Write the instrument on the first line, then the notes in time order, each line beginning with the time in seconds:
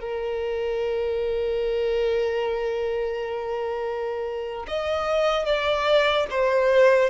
violin
0.00 A#4
4.67 D#5
5.45 D5
6.30 C5